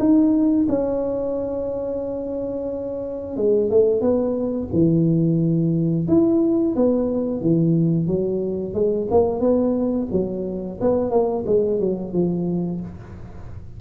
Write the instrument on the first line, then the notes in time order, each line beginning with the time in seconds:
tuba
0.00 D#4
0.69 C#4
3.37 G#3
3.71 A3
4.01 B3
4.73 E3
6.08 E4
6.76 B3
7.42 E3
8.07 F#3
8.74 G#3
9.11 A#3
9.41 B3
10.12 F#3
10.81 B3
11.11 A#3
11.46 G#3
11.80 F#3
12.13 F3